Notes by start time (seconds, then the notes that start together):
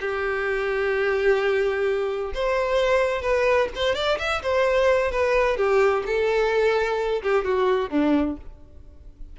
0.00 G4
2.34 C5
3.22 B4
3.75 C5
3.95 D5
4.18 E5
4.42 C5
5.11 B4
5.57 G4
6.06 A4
7.23 G4
7.44 F#4
7.90 D4